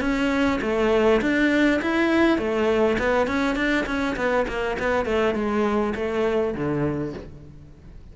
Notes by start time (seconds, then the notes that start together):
0.00 C#4
0.61 A3
1.21 D4
1.81 E4
2.38 A3
2.99 B3
3.27 C#4
3.56 D4
3.86 C#4
4.16 B3
4.47 A#3
4.79 B3
5.05 A3
5.34 G#3
5.95 A3
6.54 D3